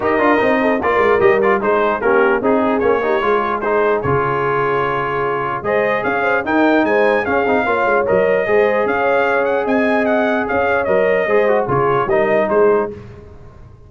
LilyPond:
<<
  \new Staff \with { instrumentName = "trumpet" } { \time 4/4 \tempo 4 = 149 dis''2 d''4 dis''8 d''8 | c''4 ais'4 gis'4 cis''4~ | cis''4 c''4 cis''2~ | cis''2 dis''4 f''4 |
g''4 gis''4 f''2 | dis''2 f''4. fis''8 | gis''4 fis''4 f''4 dis''4~ | dis''4 cis''4 dis''4 c''4 | }
  \new Staff \with { instrumentName = "horn" } { \time 4/4 ais'4. a'8 ais'2 | gis'4 g'4 gis'4. g'8 | gis'1~ | gis'2 c''4 cis''8 c''8 |
ais'4 c''4 gis'4 cis''4~ | cis''4 c''4 cis''2 | dis''2 cis''2 | c''4 gis'4 ais'4 gis'4 | }
  \new Staff \with { instrumentName = "trombone" } { \time 4/4 g'8 f'8 dis'4 f'4 g'8 f'8 | dis'4 cis'4 dis'4 cis'8 dis'8 | f'4 dis'4 f'2~ | f'2 gis'2 |
dis'2 cis'8 dis'8 f'4 | ais'4 gis'2.~ | gis'2. ais'4 | gis'8 fis'8 f'4 dis'2 | }
  \new Staff \with { instrumentName = "tuba" } { \time 4/4 dis'8 d'8 c'4 ais8 gis8 g4 | gis4 ais4 c'4 ais4 | gis2 cis2~ | cis2 gis4 cis'4 |
dis'4 gis4 cis'8 c'8 ais8 gis8 | fis4 gis4 cis'2 | c'2 cis'4 fis4 | gis4 cis4 g4 gis4 | }
>>